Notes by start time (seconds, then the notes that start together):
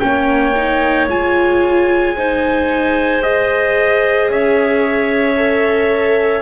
0.00 A#3 C#4 C#5 G5
0.56 D#4
1.08 G#3 F4 G#5
2.16 D#4 C5
3.21 G#4 D#5
4.29 C#4 C#5 E5
5.36 A4